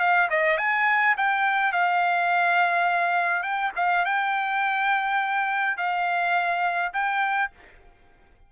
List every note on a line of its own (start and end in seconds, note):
0.00 0.29 F5
0.30 0.58 D#5
0.58 1.16 G#5
1.17 1.73 G5
1.73 3.43 F5
3.43 3.72 G5
3.76 4.05 F5
4.05 5.77 G5
5.77 6.93 F5
6.93 7.51 G5